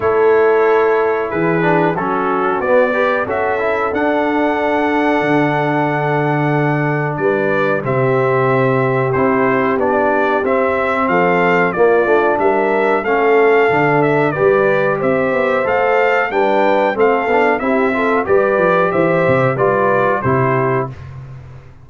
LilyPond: <<
  \new Staff \with { instrumentName = "trumpet" } { \time 4/4 \tempo 4 = 92 cis''2 b'4 a'4 | d''4 e''4 fis''2~ | fis''2. d''4 | e''2 c''4 d''4 |
e''4 f''4 d''4 e''4 | f''4. e''8 d''4 e''4 | f''4 g''4 f''4 e''4 | d''4 e''4 d''4 c''4 | }
  \new Staff \with { instrumentName = "horn" } { \time 4/4 a'2 gis'4 fis'4~ | fis'8 b'8 a'2.~ | a'2. b'4 | g'1~ |
g'4 a'4 f'4 ais'4 | a'2 b'4 c''4~ | c''4 b'4 a'4 g'8 a'8 | b'4 c''4 b'4 g'4 | }
  \new Staff \with { instrumentName = "trombone" } { \time 4/4 e'2~ e'8 d'8 cis'4 | b8 g'8 fis'8 e'8 d'2~ | d'1 | c'2 e'4 d'4 |
c'2 ais8 d'4. | cis'4 d'4 g'2 | a'4 d'4 c'8 d'8 e'8 f'8 | g'2 f'4 e'4 | }
  \new Staff \with { instrumentName = "tuba" } { \time 4/4 a2 e4 fis4 | b4 cis'4 d'2 | d2. g4 | c2 c'4 b4 |
c'4 f4 ais8 a8 g4 | a4 d4 g4 c'8 b8 | a4 g4 a8 b8 c'4 | g8 f8 e8 c8 g4 c4 | }
>>